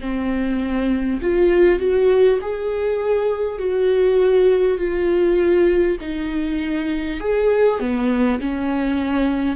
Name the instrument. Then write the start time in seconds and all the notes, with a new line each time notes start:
viola
0.00 C4
1.22 F4
1.79 F#4
2.42 G#4
3.59 F#4
4.78 F4
6.01 D#4
7.21 G#4
7.79 B3
8.41 C#4